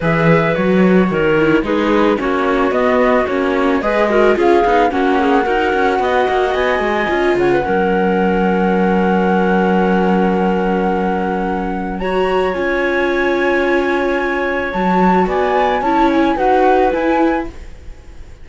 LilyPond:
<<
  \new Staff \with { instrumentName = "flute" } { \time 4/4 \tempo 4 = 110 e''4 cis''2 b'4 | cis''4 dis''4 cis''4 dis''4 | f''4 fis''2. | gis''4. fis''2~ fis''8~ |
fis''1~ | fis''2 ais''4 gis''4~ | gis''2. a''4 | gis''4 a''8 gis''8 fis''4 gis''4 | }
  \new Staff \with { instrumentName = "clarinet" } { \time 4/4 b'2 ais'4 gis'4 | fis'2. b'8 ais'8 | gis'4 fis'8 gis'8 ais'4 dis''4~ | dis''4. cis''16 b'16 ais'2~ |
ais'1~ | ais'2 cis''2~ | cis''1 | d''4 cis''4 b'2 | }
  \new Staff \with { instrumentName = "viola" } { \time 4/4 gis'4 fis'4. e'8 dis'4 | cis'4 b4 cis'4 gis'8 fis'8 | f'8 dis'8 cis'4 fis'2~ | fis'4 f'4 cis'2~ |
cis'1~ | cis'2 fis'4 f'4~ | f'2. fis'4~ | fis'4 e'4 fis'4 e'4 | }
  \new Staff \with { instrumentName = "cello" } { \time 4/4 e4 fis4 dis4 gis4 | ais4 b4 ais4 gis4 | cis'8 b8 ais4 dis'8 cis'8 b8 ais8 | b8 gis8 cis'8 cis8 fis2~ |
fis1~ | fis2. cis'4~ | cis'2. fis4 | b4 cis'4 dis'4 e'4 | }
>>